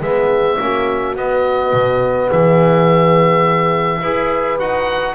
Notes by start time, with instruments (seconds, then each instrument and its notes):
0.00 double bass G#3, trombone B3, horn G#4, oboe E5
0.59 double bass A#3, trombone C#4, horn F#4
1.16 double bass B3, trombone B3, oboe D#5
1.73 double bass B2
2.30 double bass E3, horn G#4, oboe E5
4.00 double bass E4, trombone G#4, horn B4
4.59 double bass D#4, trombone F#4, oboe F#5